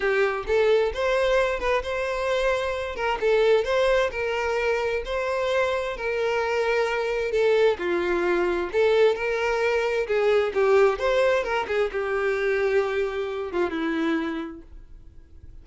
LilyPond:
\new Staff \with { instrumentName = "violin" } { \time 4/4 \tempo 4 = 131 g'4 a'4 c''4. b'8 | c''2~ c''8 ais'8 a'4 | c''4 ais'2 c''4~ | c''4 ais'2. |
a'4 f'2 a'4 | ais'2 gis'4 g'4 | c''4 ais'8 gis'8 g'2~ | g'4. f'8 e'2 | }